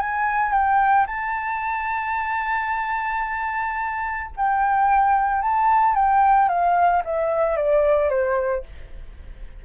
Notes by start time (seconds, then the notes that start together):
0.00 G#5
0.53 G5
1.07 A5
4.37 G5
5.42 A5
5.95 G5
6.49 F5
7.05 E5
7.57 D5
8.10 C5